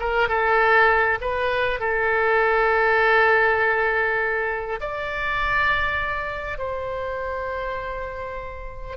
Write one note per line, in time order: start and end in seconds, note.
0.00 0.29 A#4
0.29 1.19 A4
1.21 1.80 B4
1.80 4.80 A4
4.81 6.58 D5
6.58 8.97 C5